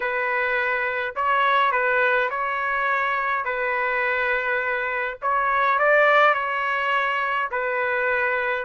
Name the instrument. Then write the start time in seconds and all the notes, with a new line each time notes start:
trumpet
0.00 B4
1.15 C#5
1.72 B4
2.29 C#5
3.44 B4
5.22 C#5
5.78 D5
6.34 C#5
7.51 B4